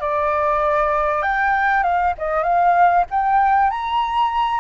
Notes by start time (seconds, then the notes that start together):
0.00 D5
1.22 G5
1.83 F5
2.18 D#5
2.43 F5
3.10 G5
3.70 A#5